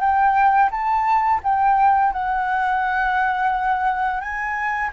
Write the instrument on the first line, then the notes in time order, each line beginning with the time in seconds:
flute
0.00 G5
0.71 A5
1.43 G5
2.12 F#5
4.20 G#5